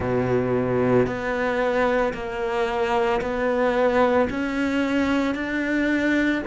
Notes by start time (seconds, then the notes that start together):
0.00 B2
1.06 B3
2.13 A#3
3.21 B3
4.30 C#4
5.35 D4